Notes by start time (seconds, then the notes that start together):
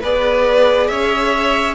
0.00 B3 G#4 B4 D5
0.87 C#4 C#5 E5